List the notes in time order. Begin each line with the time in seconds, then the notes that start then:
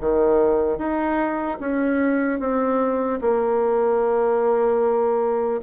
0.00 D#3
0.77 D#4
1.60 C#4
2.39 C4
3.21 A#3